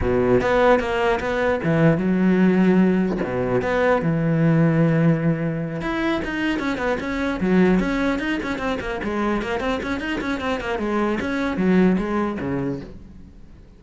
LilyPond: \new Staff \with { instrumentName = "cello" } { \time 4/4 \tempo 4 = 150 b,4 b4 ais4 b4 | e4 fis2. | b,4 b4 e2~ | e2~ e8 e'4 dis'8~ |
dis'8 cis'8 b8 cis'4 fis4 cis'8~ | cis'8 dis'8 cis'8 c'8 ais8 gis4 ais8 | c'8 cis'8 dis'8 cis'8 c'8 ais8 gis4 | cis'4 fis4 gis4 cis4 | }